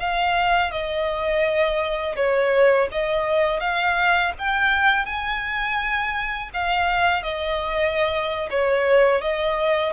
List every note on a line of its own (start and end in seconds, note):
0.00 0.71 F5
0.71 2.16 D#5
2.17 2.89 C#5
2.92 3.60 D#5
3.60 4.33 F5
4.39 5.06 G5
5.06 6.51 G#5
6.54 7.23 F5
7.23 8.50 D#5
8.51 9.22 C#5
9.22 9.93 D#5